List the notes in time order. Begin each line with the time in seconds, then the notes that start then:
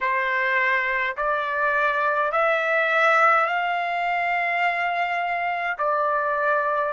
0.01 C5
1.16 D5
2.31 E5
3.46 F5
5.77 D5